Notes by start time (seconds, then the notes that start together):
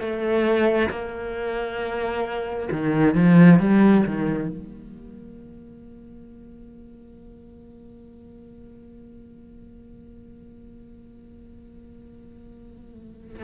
0.00 A3
0.90 A#3
2.72 D#3
3.15 F3
3.59 G3
4.06 D#3
4.49 A#3